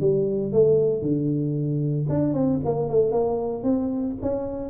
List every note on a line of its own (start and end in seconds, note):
0.00 0.52 G3
0.52 1.02 A3
1.02 2.06 D3
2.09 2.33 D4
2.33 2.59 C4
2.65 2.89 A#3
2.89 3.11 A3
3.11 3.63 A#3
3.63 4.15 C4
4.22 4.69 C#4